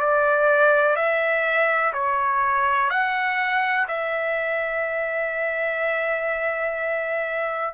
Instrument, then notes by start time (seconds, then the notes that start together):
trumpet
0.00 D5
0.96 E5
1.94 C#5
2.90 F#5
3.88 E5